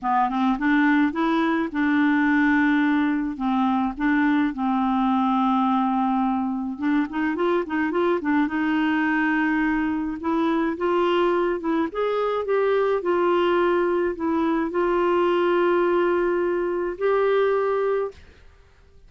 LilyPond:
\new Staff \with { instrumentName = "clarinet" } { \time 4/4 \tempo 4 = 106 b8 c'8 d'4 e'4 d'4~ | d'2 c'4 d'4 | c'1 | d'8 dis'8 f'8 dis'8 f'8 d'8 dis'4~ |
dis'2 e'4 f'4~ | f'8 e'8 gis'4 g'4 f'4~ | f'4 e'4 f'2~ | f'2 g'2 | }